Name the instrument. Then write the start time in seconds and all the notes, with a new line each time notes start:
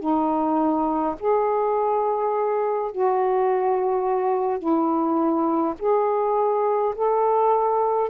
saxophone
0.00 D#4
1.20 G#4
2.92 F#4
4.59 E4
5.79 G#4
6.95 A4